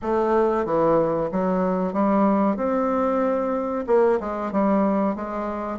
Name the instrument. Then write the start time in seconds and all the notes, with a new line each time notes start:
bassoon
0.01 A3
0.65 E3
1.31 F#3
1.93 G3
2.56 C4
3.87 A#3
4.19 G#3
4.52 G3
5.15 G#3